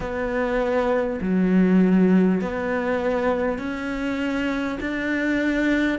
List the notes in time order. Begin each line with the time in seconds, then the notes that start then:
0.00 B3
1.21 F#3
2.41 B3
3.58 C#4
4.80 D4